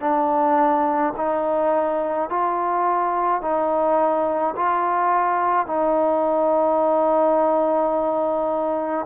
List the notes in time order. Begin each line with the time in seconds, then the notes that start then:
0.00 D4
1.16 D#4
2.29 F4
3.41 D#4
4.56 F4
5.66 D#4